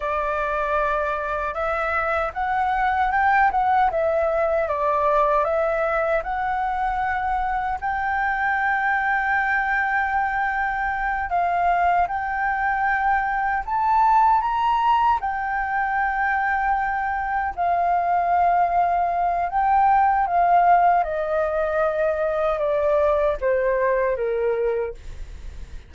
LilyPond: \new Staff \with { instrumentName = "flute" } { \time 4/4 \tempo 4 = 77 d''2 e''4 fis''4 | g''8 fis''8 e''4 d''4 e''4 | fis''2 g''2~ | g''2~ g''8 f''4 g''8~ |
g''4. a''4 ais''4 g''8~ | g''2~ g''8 f''4.~ | f''4 g''4 f''4 dis''4~ | dis''4 d''4 c''4 ais'4 | }